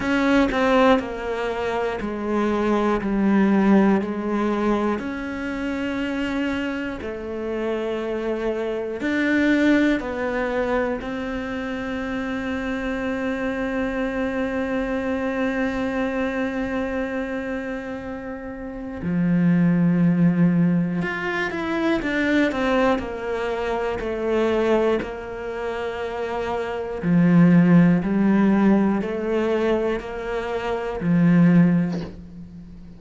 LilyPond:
\new Staff \with { instrumentName = "cello" } { \time 4/4 \tempo 4 = 60 cis'8 c'8 ais4 gis4 g4 | gis4 cis'2 a4~ | a4 d'4 b4 c'4~ | c'1~ |
c'2. f4~ | f4 f'8 e'8 d'8 c'8 ais4 | a4 ais2 f4 | g4 a4 ais4 f4 | }